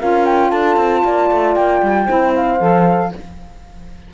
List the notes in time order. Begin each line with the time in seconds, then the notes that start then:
0.00 C#4 F4 A#4 F5
0.26 G5
0.51 D4 A4 A5
0.77 C4
1.05 A#3 D5
1.32 A3
1.55 A#3 G5
1.83 G3
2.06 C4 E4 C5
2.36 F5
2.60 F3 A4